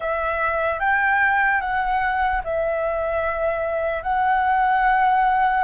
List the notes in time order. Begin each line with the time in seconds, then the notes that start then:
0.00 E5
0.79 G5
1.60 F#5
2.44 E5
4.02 F#5